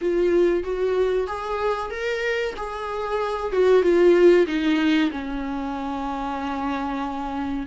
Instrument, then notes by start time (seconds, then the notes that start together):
viola
0.01 F4
0.63 F#4
1.27 G#4
1.90 A#4
2.56 G#4
3.52 F#4
3.82 F4
4.46 D#4
5.11 C#4